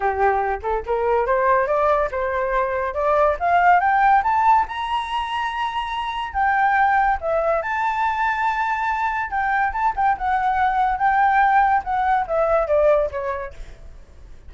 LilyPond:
\new Staff \with { instrumentName = "flute" } { \time 4/4 \tempo 4 = 142 g'4. a'8 ais'4 c''4 | d''4 c''2 d''4 | f''4 g''4 a''4 ais''4~ | ais''2. g''4~ |
g''4 e''4 a''2~ | a''2 g''4 a''8 g''8 | fis''2 g''2 | fis''4 e''4 d''4 cis''4 | }